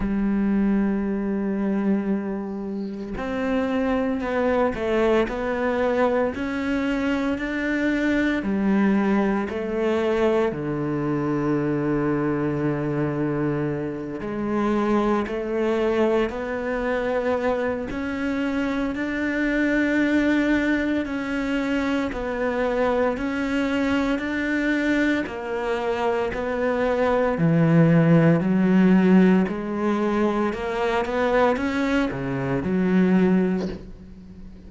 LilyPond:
\new Staff \with { instrumentName = "cello" } { \time 4/4 \tempo 4 = 57 g2. c'4 | b8 a8 b4 cis'4 d'4 | g4 a4 d2~ | d4. gis4 a4 b8~ |
b4 cis'4 d'2 | cis'4 b4 cis'4 d'4 | ais4 b4 e4 fis4 | gis4 ais8 b8 cis'8 cis8 fis4 | }